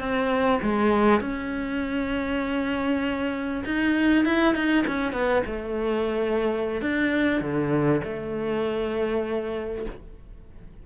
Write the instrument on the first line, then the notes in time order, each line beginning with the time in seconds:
cello
0.00 C4
0.63 G#3
1.21 C#4
3.65 D#4
4.25 E4
4.55 D#4
4.87 C#4
5.13 B3
5.47 A3
6.82 D4
7.41 D3
8.04 A3